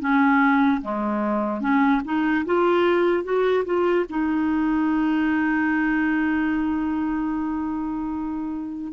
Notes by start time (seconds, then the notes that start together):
0.00 C#4
0.81 G#3
1.61 C#4
2.05 D#4
2.45 F4
3.24 F#4
3.65 F4
4.09 D#4